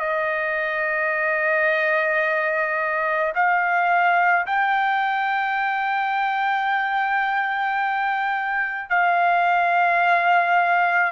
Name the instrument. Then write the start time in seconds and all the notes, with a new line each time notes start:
trumpet
0.00 D#5
3.35 F5
4.46 G5
8.90 F5